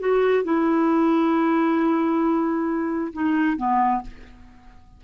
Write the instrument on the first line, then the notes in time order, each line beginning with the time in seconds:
clarinet
0.00 F#4
0.44 E4
3.14 D#4
3.58 B3